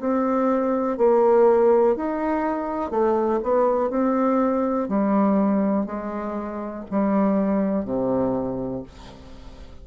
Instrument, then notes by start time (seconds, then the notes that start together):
bassoon
0.00 C4
0.97 A#3
1.96 D#4
2.91 A3
3.43 B3
3.90 C4
4.88 G3
5.86 G#3
6.91 G3
7.85 C3